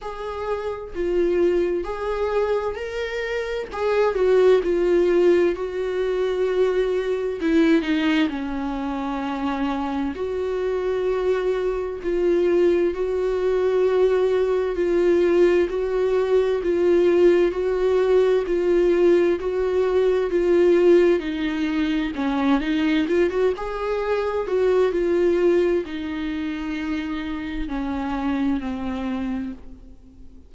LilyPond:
\new Staff \with { instrumentName = "viola" } { \time 4/4 \tempo 4 = 65 gis'4 f'4 gis'4 ais'4 | gis'8 fis'8 f'4 fis'2 | e'8 dis'8 cis'2 fis'4~ | fis'4 f'4 fis'2 |
f'4 fis'4 f'4 fis'4 | f'4 fis'4 f'4 dis'4 | cis'8 dis'8 f'16 fis'16 gis'4 fis'8 f'4 | dis'2 cis'4 c'4 | }